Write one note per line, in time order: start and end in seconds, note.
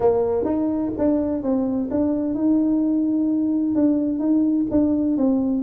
0.00 0.45 A#3
0.45 0.91 D#4
0.98 1.42 D4
1.42 1.89 C4
1.90 2.34 D4
2.34 3.75 D#4
3.75 4.19 D4
4.19 4.66 D#4
4.70 5.17 D4
5.17 5.62 C4